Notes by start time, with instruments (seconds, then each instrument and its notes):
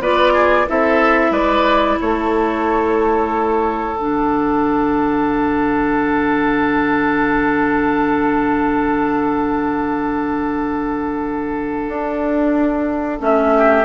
0.00 bassoon B3, clarinet F4, oboe B4, flute D5
0.33 oboe G#4
0.67 bassoon C4, clarinet E4, oboe A4, flute E5
1.31 bassoon G#3, oboe B4, flute D5
2.01 bassoon A3, oboe A4, flute C#5
3.97 bassoon D3, clarinet D4, flute F#5
11.88 bassoon D4
13.19 bassoon A3, clarinet C#4, flute E5
13.57 oboe G4